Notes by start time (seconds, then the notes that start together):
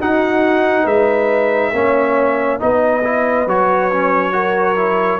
0.00 D#4 F#4 F#5
0.84 G#3 B4 E5
1.73 A#3 C#4 C#5
2.59 B3 D#4 B4 D#5
3.04 E4
3.47 F#3 F#4 C#5
3.91 C#4
4.32 F#4 A#4
4.76 E4